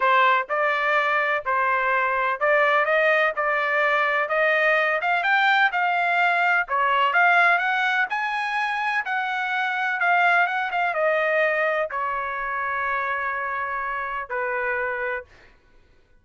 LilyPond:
\new Staff \with { instrumentName = "trumpet" } { \time 4/4 \tempo 4 = 126 c''4 d''2 c''4~ | c''4 d''4 dis''4 d''4~ | d''4 dis''4. f''8 g''4 | f''2 cis''4 f''4 |
fis''4 gis''2 fis''4~ | fis''4 f''4 fis''8 f''8 dis''4~ | dis''4 cis''2.~ | cis''2 b'2 | }